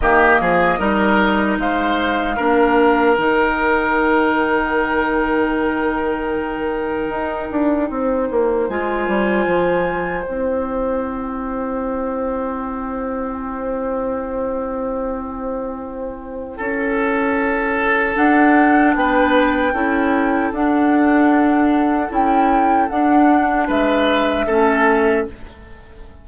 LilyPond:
<<
  \new Staff \with { instrumentName = "flute" } { \time 4/4 \tempo 4 = 76 dis''2 f''2 | g''1~ | g''2. gis''4~ | gis''4 g''2.~ |
g''1~ | g''2. fis''4 | g''2 fis''2 | g''4 fis''4 e''2 | }
  \new Staff \with { instrumentName = "oboe" } { \time 4/4 g'8 gis'8 ais'4 c''4 ais'4~ | ais'1~ | ais'2 c''2~ | c''1~ |
c''1~ | c''4 a'2. | b'4 a'2.~ | a'2 b'4 a'4 | }
  \new Staff \with { instrumentName = "clarinet" } { \time 4/4 ais4 dis'2 d'4 | dis'1~ | dis'2. f'4~ | f'4 e'2.~ |
e'1~ | e'2. d'4~ | d'4 e'4 d'2 | e'4 d'2 cis'4 | }
  \new Staff \with { instrumentName = "bassoon" } { \time 4/4 dis8 f8 g4 gis4 ais4 | dis1~ | dis4 dis'8 d'8 c'8 ais8 gis8 g8 | f4 c'2.~ |
c'1~ | c'4 cis'2 d'4 | b4 cis'4 d'2 | cis'4 d'4 gis4 a4 | }
>>